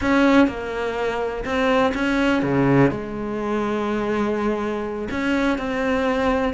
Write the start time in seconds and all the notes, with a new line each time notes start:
0.01 C#4
0.47 A#3
1.44 C4
1.94 C#4
2.42 C#3
2.90 G#3
5.10 C#4
5.58 C4